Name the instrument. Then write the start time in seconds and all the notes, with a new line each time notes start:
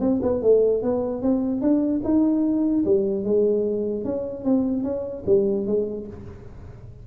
tuba
0.00 C4
0.22 B3
0.42 A3
0.82 B3
1.22 C4
1.61 D4
2.04 D#4
2.85 G3
3.24 G#3
4.04 C#4
4.44 C4
4.83 C#4
5.26 G3
5.67 G#3